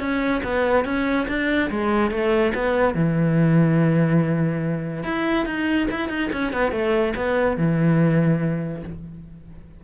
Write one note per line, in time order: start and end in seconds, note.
0.00 0.42 C#4
0.44 0.85 B3
0.85 1.27 C#4
1.28 1.70 D4
1.71 2.11 G#3
2.11 2.53 A3
2.54 2.95 B3
2.95 5.04 E3
5.04 5.46 E4
5.46 5.88 D#4
5.91 6.09 E4
6.09 6.30 D#4
6.32 6.53 C#4
6.53 6.72 B3
6.72 7.14 A3
7.16 7.57 B3
7.57 8.83 E3